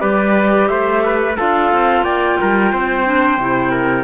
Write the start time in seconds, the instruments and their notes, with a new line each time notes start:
0.00 cello G3, clarinet G4, trumpet B4, flute D5
0.69 cello A3, trumpet C5, flute E5
1.05 trumpet B4
1.37 cello D4, clarinet F4, trumpet A4, flute F5
1.73 cello C4
2.03 cello A#3, trumpet D5, flute G5
2.41 cello G3, trumpet A#4
2.72 cello C4, trumpet C5
3.05 clarinet D4
3.38 cello C3, clarinet E4
3.72 trumpet A#4